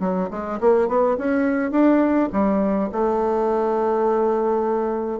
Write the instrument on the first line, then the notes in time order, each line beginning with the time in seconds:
bassoon
0.00 F#3
0.30 G#3
0.60 A#3
0.88 B3
1.17 C#4
1.71 D4
2.32 G3
2.92 A3